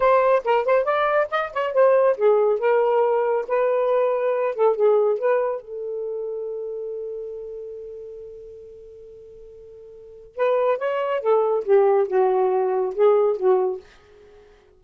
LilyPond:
\new Staff \with { instrumentName = "saxophone" } { \time 4/4 \tempo 4 = 139 c''4 ais'8 c''8 d''4 dis''8 cis''8 | c''4 gis'4 ais'2 | b'2~ b'8 a'8 gis'4 | b'4 a'2.~ |
a'1~ | a'1 | b'4 cis''4 a'4 g'4 | fis'2 gis'4 fis'4 | }